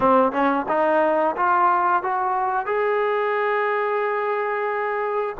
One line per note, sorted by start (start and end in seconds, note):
0.00 0.32 C4
0.32 0.66 C#4
0.68 1.35 D#4
1.36 2.02 F4
2.02 2.65 F#4
2.65 5.35 G#4